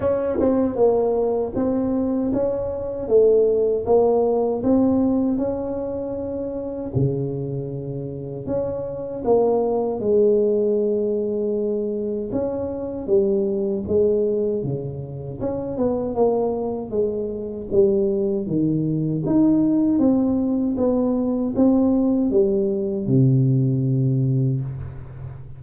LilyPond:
\new Staff \with { instrumentName = "tuba" } { \time 4/4 \tempo 4 = 78 cis'8 c'8 ais4 c'4 cis'4 | a4 ais4 c'4 cis'4~ | cis'4 cis2 cis'4 | ais4 gis2. |
cis'4 g4 gis4 cis4 | cis'8 b8 ais4 gis4 g4 | dis4 dis'4 c'4 b4 | c'4 g4 c2 | }